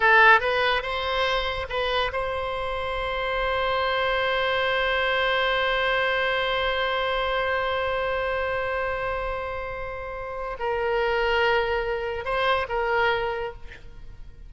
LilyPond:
\new Staff \with { instrumentName = "oboe" } { \time 4/4 \tempo 4 = 142 a'4 b'4 c''2 | b'4 c''2.~ | c''1~ | c''1~ |
c''1~ | c''1~ | c''4 ais'2.~ | ais'4 c''4 ais'2 | }